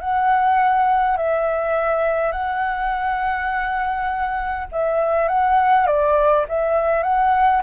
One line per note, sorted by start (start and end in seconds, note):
0.00 1.17 F#5
1.17 2.32 E5
2.32 4.67 F#5
4.72 5.28 E5
5.28 5.87 F#5
5.87 6.45 D5
6.48 7.03 E5
7.03 7.61 F#5